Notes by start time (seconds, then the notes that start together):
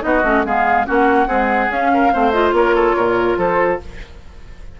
0.00 B3 D#4 F#4 D#5
0.23 A3 C#4
0.45 G#3 B3 G#4 F5
0.85 A#3 C#4 F#4 F#5
1.27 G#3 C4 G#4
1.69 C#4 F5
1.94 A#4
2.12 A3 C4 C5
2.31 F4 D#5
2.52 A#3 A#4 C#5
2.75 A4
2.96 A#2 A#4
3.37 F3 A4 C5